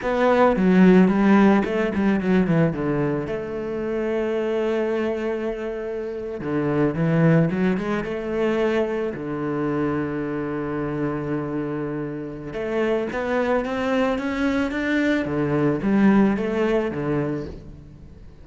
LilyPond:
\new Staff \with { instrumentName = "cello" } { \time 4/4 \tempo 4 = 110 b4 fis4 g4 a8 g8 | fis8 e8 d4 a2~ | a2.~ a8. d16~ | d8. e4 fis8 gis8 a4~ a16~ |
a8. d2.~ d16~ | d2. a4 | b4 c'4 cis'4 d'4 | d4 g4 a4 d4 | }